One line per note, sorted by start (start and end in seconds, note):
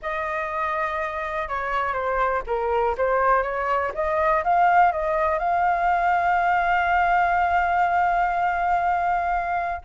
0.02 1.48 D#5
1.48 1.93 C#5
1.93 2.42 C5
2.46 2.95 A#4
2.97 3.42 C5
3.42 3.91 C#5
3.94 4.43 D#5
4.44 4.92 F5
4.92 5.39 D#5
5.39 9.81 F5